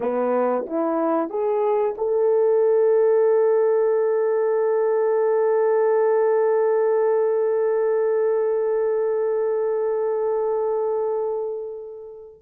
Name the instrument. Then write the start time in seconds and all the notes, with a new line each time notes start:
horn
0.00 B3
0.66 E4
1.29 G#4
1.97 A4